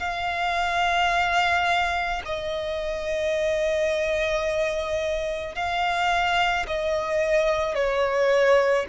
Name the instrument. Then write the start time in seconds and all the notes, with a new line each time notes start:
violin
0.00 F5
2.25 D#5
5.55 F5
6.67 D#5
7.75 C#5